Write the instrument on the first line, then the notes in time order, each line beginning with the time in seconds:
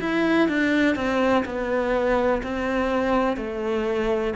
cello
0.00 E4
0.48 D4
0.95 C4
1.45 B3
2.42 C4
3.37 A3